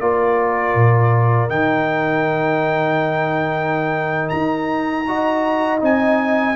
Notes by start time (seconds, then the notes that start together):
0.00 A#3 F4 A#4 D5
0.75 A#2
1.49 D#3 D#4 G5
4.29 D#4 A#5
5.08 F#4 D#5
5.79 C4 D#4 G#5